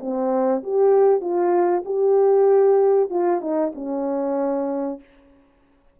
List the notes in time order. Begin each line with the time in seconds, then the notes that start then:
0.00 C4
0.63 G4
1.20 F4
1.85 G4
3.10 F4
3.41 D#4
3.75 C#4